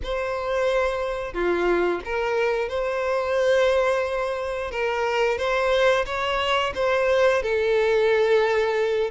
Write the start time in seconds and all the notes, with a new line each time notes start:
0.03 C5
1.33 F4
2.04 A#4
2.68 C5
4.71 A#4
5.37 C5
6.05 C#5
6.74 C5
7.42 A4